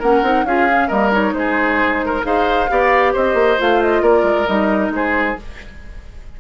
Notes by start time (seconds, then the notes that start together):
0.00 A#3 C#4 A#4 F#5
0.22 C4 D#4
0.45 C#4 F4 G#4 F5
0.69 C#4
0.88 G3 A#3 A#4 D#5
1.12 D#4 C#5
1.33 G#3 C5
1.39 G#4
2.06 A#4
2.23 D#4 G#4 C5 F5
2.70 B3 G4 D5
3.13 C4 C5 D#5
3.34 A#3
3.59 A3 F4 F5
3.82 D#5
4.02 A#3 A#4 D5
4.23 G#3
4.47 G3 D#4 D#5
4.90 G#3 G#4 C5